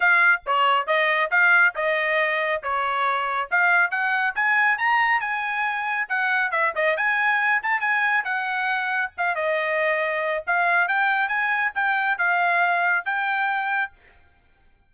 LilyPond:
\new Staff \with { instrumentName = "trumpet" } { \time 4/4 \tempo 4 = 138 f''4 cis''4 dis''4 f''4 | dis''2 cis''2 | f''4 fis''4 gis''4 ais''4 | gis''2 fis''4 e''8 dis''8 |
gis''4. a''8 gis''4 fis''4~ | fis''4 f''8 dis''2~ dis''8 | f''4 g''4 gis''4 g''4 | f''2 g''2 | }